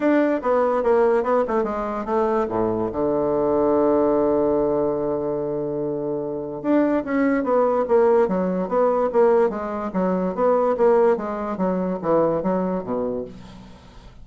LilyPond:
\new Staff \with { instrumentName = "bassoon" } { \time 4/4 \tempo 4 = 145 d'4 b4 ais4 b8 a8 | gis4 a4 a,4 d4~ | d1~ | d1 |
d'4 cis'4 b4 ais4 | fis4 b4 ais4 gis4 | fis4 b4 ais4 gis4 | fis4 e4 fis4 b,4 | }